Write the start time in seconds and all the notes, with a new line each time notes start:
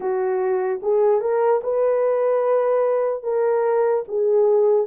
0.00 F#4
0.82 G#4
1.21 A#4
1.63 B4
3.22 A#4
4.08 G#4